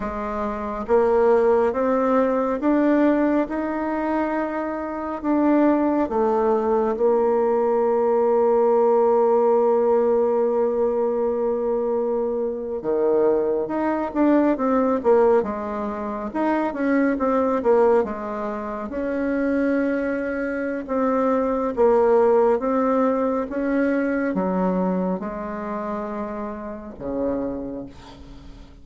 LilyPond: \new Staff \with { instrumentName = "bassoon" } { \time 4/4 \tempo 4 = 69 gis4 ais4 c'4 d'4 | dis'2 d'4 a4 | ais1~ | ais2~ ais8. dis4 dis'16~ |
dis'16 d'8 c'8 ais8 gis4 dis'8 cis'8 c'16~ | c'16 ais8 gis4 cis'2~ cis'16 | c'4 ais4 c'4 cis'4 | fis4 gis2 cis4 | }